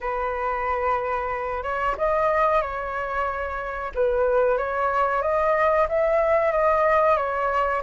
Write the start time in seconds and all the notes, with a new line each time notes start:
0.00 B4
1.63 C#5
1.97 D#5
2.61 C#5
3.95 B4
4.57 C#5
5.21 D#5
5.88 E5
6.52 D#5
7.17 C#5